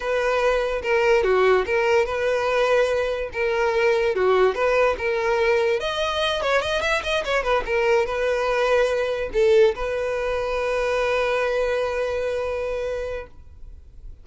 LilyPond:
\new Staff \with { instrumentName = "violin" } { \time 4/4 \tempo 4 = 145 b'2 ais'4 fis'4 | ais'4 b'2. | ais'2 fis'4 b'4 | ais'2 dis''4. cis''8 |
dis''8 e''8 dis''8 cis''8 b'8 ais'4 b'8~ | b'2~ b'8 a'4 b'8~ | b'1~ | b'1 | }